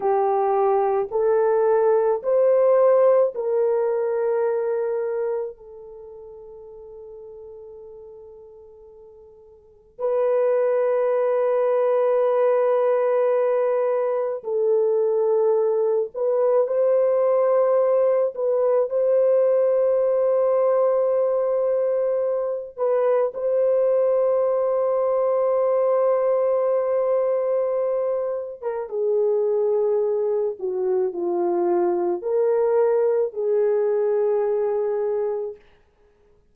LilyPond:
\new Staff \with { instrumentName = "horn" } { \time 4/4 \tempo 4 = 54 g'4 a'4 c''4 ais'4~ | ais'4 a'2.~ | a'4 b'2.~ | b'4 a'4. b'8 c''4~ |
c''8 b'8 c''2.~ | c''8 b'8 c''2.~ | c''4.~ c''16 ais'16 gis'4. fis'8 | f'4 ais'4 gis'2 | }